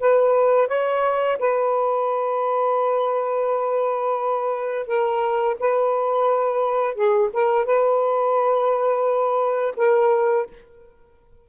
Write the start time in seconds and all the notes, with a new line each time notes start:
0.00 B4
0.68 C#5
1.39 B4
4.87 A#4
5.60 B4
6.95 G#4
7.34 A#4
7.66 B4
9.77 A#4